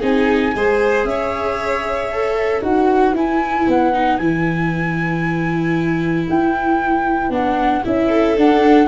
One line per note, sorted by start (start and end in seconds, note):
0.00 0.54 C4
0.00 0.54 D#4
0.00 0.52 G#4
0.00 1.05 G#5
0.55 1.04 G#3
0.55 2.13 G#4
0.55 1.08 C5
1.04 2.61 C#4
1.04 2.64 C#5
1.04 2.62 E5
2.13 2.62 A4
2.62 3.13 D#4
2.62 3.14 F#4
2.62 8.09 B4
2.62 3.15 F#5
3.13 3.65 E4
3.13 3.93 E4
3.13 3.69 G#5
3.67 4.19 B3
3.67 4.17 F#5
3.93 4.19 D#4
4.17 6.27 E3
4.17 7.31 E4
4.17 6.26 G#5
6.29 7.30 E4
6.29 7.32 G5
7.30 7.82 B3
7.30 7.83 D4
7.30 7.84 F#5
7.84 8.38 C#4
7.84 8.37 E4
7.84 8.37 E5
8.09 8.87 A4
8.38 8.88 D4
8.38 8.88 F#5